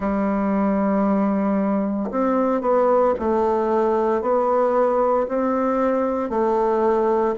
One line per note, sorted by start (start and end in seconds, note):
0.00 2.10 G3
2.11 2.61 C4
2.61 3.13 B3
3.19 4.21 A3
4.21 5.26 B3
5.28 6.29 C4
6.29 7.34 A3